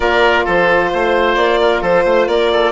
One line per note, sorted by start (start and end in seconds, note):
0.00 0.45 A#3
0.00 2.72 F4
0.00 0.44 A#4
0.00 0.45 D5
0.44 0.92 F3
0.44 0.90 A4
0.44 1.35 C5
0.93 1.36 A3
0.93 1.60 C5
1.35 1.81 A#3
1.35 1.80 D5
1.60 1.81 A#4
1.81 2.04 F3
1.81 2.04 A4
1.81 2.28 C5
2.04 2.27 A3
2.04 2.27 C5
2.27 2.72 A#3
2.27 2.51 A#4
2.27 2.72 D5
2.51 2.72 A4